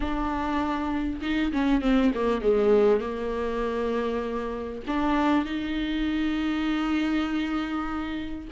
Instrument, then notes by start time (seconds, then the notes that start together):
viola
0.00 D4
1.21 D#4
1.52 C#4
1.81 C4
2.14 A#3
2.41 G#3
3.00 A#3
4.87 D4
5.45 D#4